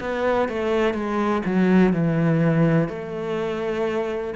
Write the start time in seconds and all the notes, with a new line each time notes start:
0.00 B3
0.48 A3
0.94 G#3
1.45 F#3
1.93 E3
2.88 A3